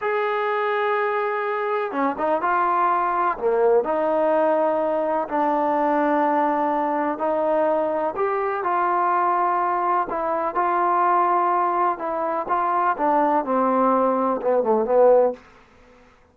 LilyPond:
\new Staff \with { instrumentName = "trombone" } { \time 4/4 \tempo 4 = 125 gis'1 | cis'8 dis'8 f'2 ais4 | dis'2. d'4~ | d'2. dis'4~ |
dis'4 g'4 f'2~ | f'4 e'4 f'2~ | f'4 e'4 f'4 d'4 | c'2 b8 a8 b4 | }